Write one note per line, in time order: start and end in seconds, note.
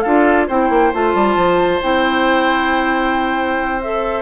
0.00 0.49 D4
0.00 0.49 F4
0.00 0.47 A4
0.00 0.44 F5
0.47 0.69 C4
0.47 0.93 E4
0.47 4.22 C5
0.47 0.93 G5
0.69 0.92 A#3
0.93 1.14 A3
0.93 1.81 F4
0.93 1.82 A5
1.14 1.36 G3
1.36 1.80 F3
1.81 4.22 C4
1.81 3.81 E4
1.81 3.82 G5
3.82 4.22 A4
3.82 4.22 E5